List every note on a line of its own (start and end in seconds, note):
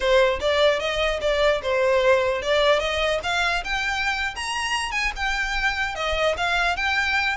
0.00 0.39 C5
0.40 0.79 D5
0.79 1.20 D#5
1.21 1.61 D5
1.62 2.42 C5
2.42 2.79 D5
2.79 3.19 D#5
3.23 3.63 F5
3.64 4.34 G5
4.35 4.91 A#5
4.91 5.11 G#5
5.15 5.95 G5
5.95 6.35 D#5
6.37 6.76 F5
6.76 7.36 G5